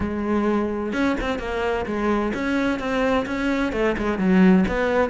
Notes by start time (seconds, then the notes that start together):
0.00 G#3
0.92 C#4
1.20 C4
1.38 A#3
1.86 G#3
2.34 C#4
2.79 C4
3.26 C#4
3.72 A3
3.97 G#3
4.18 F#3
4.68 B3